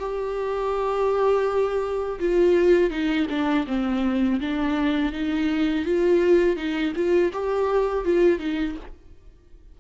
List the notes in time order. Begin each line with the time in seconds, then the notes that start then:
0.00 G4
2.20 F4
2.91 D#4
3.30 D4
3.68 C4
4.41 D4
5.13 D#4
5.86 F4
6.57 D#4
6.96 F4
7.33 G4
8.06 F4
8.39 D#4